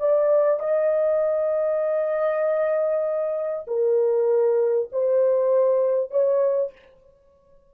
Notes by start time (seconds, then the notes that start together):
0.00 D5
0.60 D#5
3.67 A#4
4.92 C5
6.11 C#5